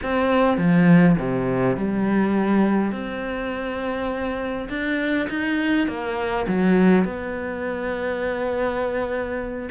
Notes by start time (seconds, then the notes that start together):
0.02 C4
0.57 F3
1.18 C3
1.76 G3
2.91 C4
4.69 D4
5.29 D#4
5.87 A#3
6.47 F#3
7.04 B3